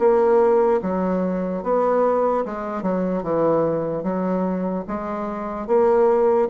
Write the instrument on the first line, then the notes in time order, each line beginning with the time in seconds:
bassoon
0.00 A#3
0.83 F#3
1.64 B3
2.45 G#3
2.83 F#3
3.24 E3
4.04 F#3
4.88 G#3
5.68 A#3